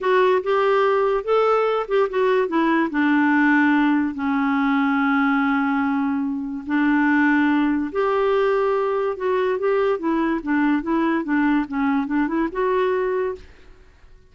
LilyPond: \new Staff \with { instrumentName = "clarinet" } { \time 4/4 \tempo 4 = 144 fis'4 g'2 a'4~ | a'8 g'8 fis'4 e'4 d'4~ | d'2 cis'2~ | cis'1 |
d'2. g'4~ | g'2 fis'4 g'4 | e'4 d'4 e'4 d'4 | cis'4 d'8 e'8 fis'2 | }